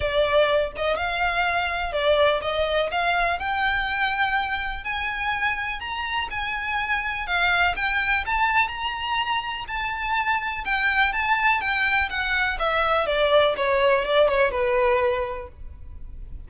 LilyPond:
\new Staff \with { instrumentName = "violin" } { \time 4/4 \tempo 4 = 124 d''4. dis''8 f''2 | d''4 dis''4 f''4 g''4~ | g''2 gis''2 | ais''4 gis''2 f''4 |
g''4 a''4 ais''2 | a''2 g''4 a''4 | g''4 fis''4 e''4 d''4 | cis''4 d''8 cis''8 b'2 | }